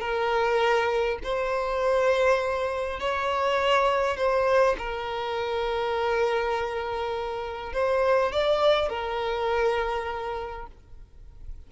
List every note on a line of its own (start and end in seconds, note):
0.00 1.19 A#4
1.24 3.00 C5
3.00 4.17 C#5
4.17 4.77 C5
4.78 7.73 A#4
7.73 8.32 C5
8.32 8.89 D5
8.89 10.67 A#4